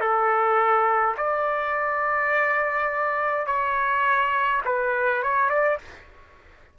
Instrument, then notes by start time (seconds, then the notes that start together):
trumpet
0.00 A4
1.17 D5
3.46 C#5
4.65 B4
5.22 C#5
5.50 D5